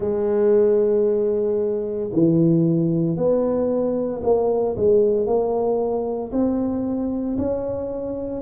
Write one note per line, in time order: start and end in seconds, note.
0.00 2.11 G#3
2.12 3.16 E3
3.16 4.22 B3
4.23 4.76 A#3
4.76 5.26 G#3
5.26 6.32 A#3
6.32 7.37 C4
7.38 8.41 C#4